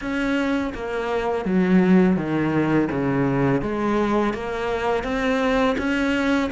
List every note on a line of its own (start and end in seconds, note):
0.01 0.73 C#4
0.74 1.45 A#3
1.45 2.16 F#3
2.16 2.88 D#3
2.91 3.61 C#3
3.61 4.33 G#3
4.33 5.03 A#3
5.03 5.75 C4
5.77 6.50 C#4